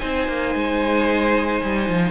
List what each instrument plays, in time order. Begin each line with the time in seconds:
0.00 cello C4, viola D#4, violin C5 G#5
0.28 cello A#3
0.55 cello G#3
1.63 cello G3
1.89 cello F3